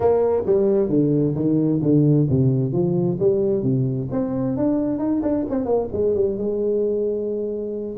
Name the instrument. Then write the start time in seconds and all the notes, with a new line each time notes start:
tuba
0.00 A#3
0.46 G3
0.89 D3
1.35 D#3
1.82 D3
2.29 C3
2.72 F3
3.19 G3
3.63 C3
4.11 C4
4.56 D4
4.99 D#4
5.22 D4
5.49 C4
5.65 A#3
5.92 G#3
6.14 G3
6.37 G#3